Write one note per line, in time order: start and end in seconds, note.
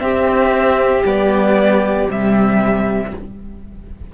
0.00 1.03 C4
0.00 1.04 C4
0.00 3.12 G4
0.00 1.03 E5
1.04 2.08 G3
1.04 2.09 B3
1.04 2.10 D5
2.09 3.12 C3
2.09 3.13 G3
2.09 3.15 E5